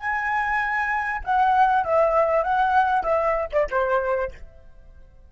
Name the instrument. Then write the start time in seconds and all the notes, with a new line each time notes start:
flute
0.00 G#5
1.24 F#5
1.84 E5
2.43 F#5
3.03 E5
3.52 D5
3.70 C5